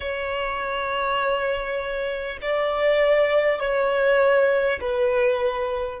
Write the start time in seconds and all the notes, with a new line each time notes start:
0.00 C#5
2.41 D5
3.59 C#5
4.80 B4